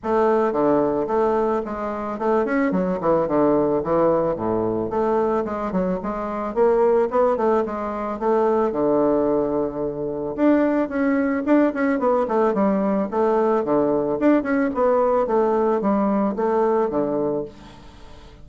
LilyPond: \new Staff \with { instrumentName = "bassoon" } { \time 4/4 \tempo 4 = 110 a4 d4 a4 gis4 | a8 cis'8 fis8 e8 d4 e4 | a,4 a4 gis8 fis8 gis4 | ais4 b8 a8 gis4 a4 |
d2. d'4 | cis'4 d'8 cis'8 b8 a8 g4 | a4 d4 d'8 cis'8 b4 | a4 g4 a4 d4 | }